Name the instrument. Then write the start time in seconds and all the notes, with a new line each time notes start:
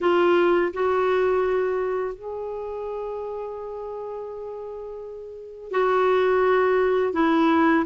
clarinet
0.00 F4
0.73 F#4
2.15 G#4
5.71 F#4
7.13 E4